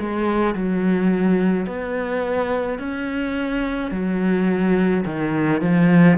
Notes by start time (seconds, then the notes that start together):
0.00 G#3
0.55 F#3
1.67 B3
2.79 C#4
3.92 F#3
5.06 D#3
5.62 F3